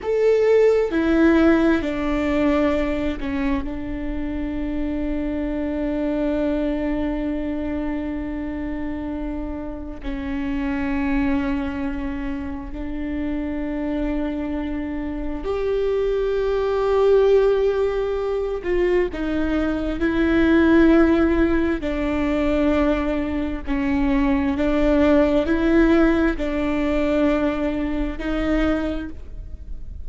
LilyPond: \new Staff \with { instrumentName = "viola" } { \time 4/4 \tempo 4 = 66 a'4 e'4 d'4. cis'8 | d'1~ | d'2. cis'4~ | cis'2 d'2~ |
d'4 g'2.~ | g'8 f'8 dis'4 e'2 | d'2 cis'4 d'4 | e'4 d'2 dis'4 | }